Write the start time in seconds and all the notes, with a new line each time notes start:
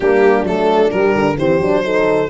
0.00 G3 A#3 D4 G4
0.43 F#3 A3 A4
0.91 G3 A#4
1.14 D3
1.37 E3 C4 G4 C5
1.59 F#3 D4
1.83 D#4 A4